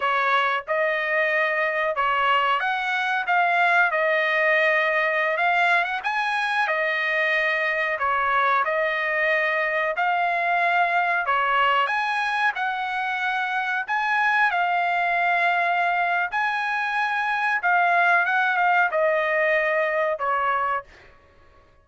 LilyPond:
\new Staff \with { instrumentName = "trumpet" } { \time 4/4 \tempo 4 = 92 cis''4 dis''2 cis''4 | fis''4 f''4 dis''2~ | dis''16 f''8. fis''16 gis''4 dis''4.~ dis''16~ | dis''16 cis''4 dis''2 f''8.~ |
f''4~ f''16 cis''4 gis''4 fis''8.~ | fis''4~ fis''16 gis''4 f''4.~ f''16~ | f''4 gis''2 f''4 | fis''8 f''8 dis''2 cis''4 | }